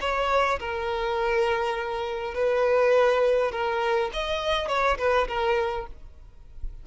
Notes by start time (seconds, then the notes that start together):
0.00 C#5
0.59 A#4
2.34 B4
3.51 A#4
4.13 D#5
4.68 C#5
4.98 B4
5.28 A#4